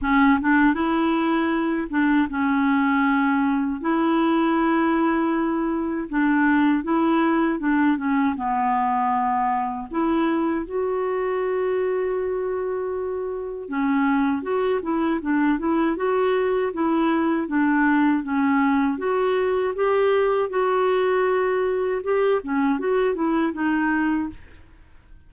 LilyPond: \new Staff \with { instrumentName = "clarinet" } { \time 4/4 \tempo 4 = 79 cis'8 d'8 e'4. d'8 cis'4~ | cis'4 e'2. | d'4 e'4 d'8 cis'8 b4~ | b4 e'4 fis'2~ |
fis'2 cis'4 fis'8 e'8 | d'8 e'8 fis'4 e'4 d'4 | cis'4 fis'4 g'4 fis'4~ | fis'4 g'8 cis'8 fis'8 e'8 dis'4 | }